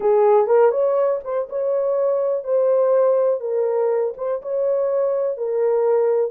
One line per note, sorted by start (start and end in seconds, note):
0.00 0.46 G#4
0.46 0.71 A#4
0.71 1.20 C#5
1.24 1.48 C5
1.49 2.44 C#5
2.44 3.40 C5
3.40 4.13 A#4
4.17 4.41 C5
4.41 5.37 C#5
5.37 6.31 A#4